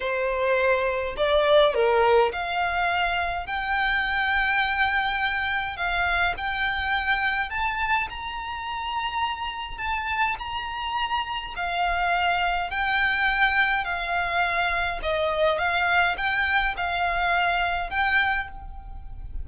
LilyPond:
\new Staff \with { instrumentName = "violin" } { \time 4/4 \tempo 4 = 104 c''2 d''4 ais'4 | f''2 g''2~ | g''2 f''4 g''4~ | g''4 a''4 ais''2~ |
ais''4 a''4 ais''2 | f''2 g''2 | f''2 dis''4 f''4 | g''4 f''2 g''4 | }